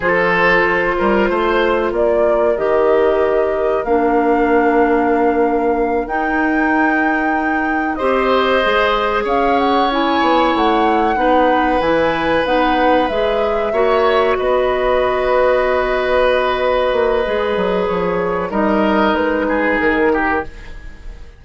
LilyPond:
<<
  \new Staff \with { instrumentName = "flute" } { \time 4/4 \tempo 4 = 94 c''2. d''4 | dis''2 f''2~ | f''4. g''2~ g''8~ | g''8 dis''2 f''8 fis''8 gis''8~ |
gis''8 fis''2 gis''4 fis''8~ | fis''8 e''2 dis''4.~ | dis''1 | cis''4 dis''4 b'4 ais'4 | }
  \new Staff \with { instrumentName = "oboe" } { \time 4/4 a'4. ais'8 c''4 ais'4~ | ais'1~ | ais'1~ | ais'8 c''2 cis''4.~ |
cis''4. b'2~ b'8~ | b'4. cis''4 b'4.~ | b'1~ | b'4 ais'4. gis'4 g'8 | }
  \new Staff \with { instrumentName = "clarinet" } { \time 4/4 f'1 | g'2 d'2~ | d'4. dis'2~ dis'8~ | dis'8 g'4 gis'2 e'8~ |
e'4. dis'4 e'4 dis'8~ | dis'8 gis'4 fis'2~ fis'8~ | fis'2. gis'4~ | gis'4 dis'2. | }
  \new Staff \with { instrumentName = "bassoon" } { \time 4/4 f4. g8 a4 ais4 | dis2 ais2~ | ais4. dis'2~ dis'8~ | dis'8 c'4 gis4 cis'4. |
b8 a4 b4 e4 b8~ | b8 gis4 ais4 b4.~ | b2~ b8 ais8 gis8 fis8 | f4 g4 gis4 dis4 | }
>>